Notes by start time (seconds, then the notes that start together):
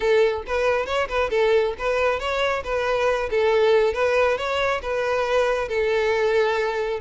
0.00 A4
0.46 B4
0.86 C#5
1.08 B4
1.30 A4
1.78 B4
2.19 C#5
2.63 B4
3.30 A4
3.93 B4
4.37 C#5
4.82 B4
5.68 A4